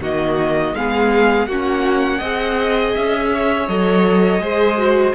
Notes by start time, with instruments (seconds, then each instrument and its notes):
0.00 cello D#3, viola A#3, violin F#4 D#5
0.74 cello G#3, viola B3, violin G#4 F5
1.46 cello A#3, viola C#4, violin F#4 F#5
2.18 cello C4, viola G#4, violin D#5
2.95 cello C#4, violin E5
3.33 violin C#5
3.67 cello F#3, viola A4, violin D#5
4.39 cello G#3, viola G#4, violin C5
4.77 viola F#4